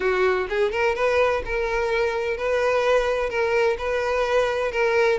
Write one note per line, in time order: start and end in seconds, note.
0.00 0.47 F#4
0.49 0.71 G#4
0.71 0.95 A#4
0.95 1.42 B4
1.45 2.37 A#4
2.37 3.29 B4
3.29 3.76 A#4
3.78 4.71 B4
4.71 5.18 A#4